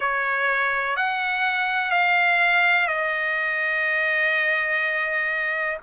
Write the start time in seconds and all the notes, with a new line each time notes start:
0.00 C#5
0.96 F#5
1.91 F5
2.87 D#5